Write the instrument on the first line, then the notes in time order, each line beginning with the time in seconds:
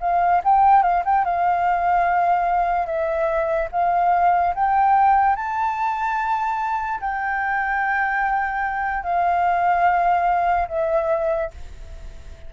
flute
0.00 F5
0.44 G5
0.83 F5
1.05 G5
1.24 F5
2.86 E5
3.72 F5
4.55 G5
5.36 A5
7.00 G5
9.03 F5
10.68 E5